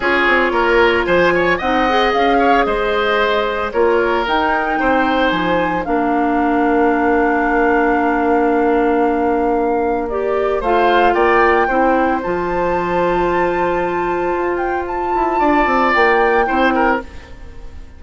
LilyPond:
<<
  \new Staff \with { instrumentName = "flute" } { \time 4/4 \tempo 4 = 113 cis''2 gis''4 fis''4 | f''4 dis''2 cis''4 | g''2 gis''4 f''4~ | f''1~ |
f''2. d''4 | f''4 g''2 a''4~ | a''2.~ a''8 g''8 | a''2 g''2 | }
  \new Staff \with { instrumentName = "oboe" } { \time 4/4 gis'4 ais'4 c''8 cis''8 dis''4~ | dis''8 cis''8 c''2 ais'4~ | ais'4 c''2 ais'4~ | ais'1~ |
ais'1 | c''4 d''4 c''2~ | c''1~ | c''4 d''2 c''8 ais'8 | }
  \new Staff \with { instrumentName = "clarinet" } { \time 4/4 f'2. dis'8 gis'8~ | gis'2. f'4 | dis'2. d'4~ | d'1~ |
d'2. g'4 | f'2 e'4 f'4~ | f'1~ | f'2. e'4 | }
  \new Staff \with { instrumentName = "bassoon" } { \time 4/4 cis'8 c'8 ais4 f4 c'4 | cis'4 gis2 ais4 | dis'4 c'4 f4 ais4~ | ais1~ |
ais1 | a4 ais4 c'4 f4~ | f2. f'4~ | f'8 e'8 d'8 c'8 ais4 c'4 | }
>>